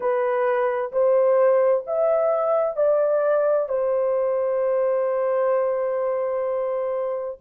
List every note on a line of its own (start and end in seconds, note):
0.00 0.91 B4
0.91 1.84 C5
1.86 2.76 E5
2.76 3.68 D5
3.68 7.38 C5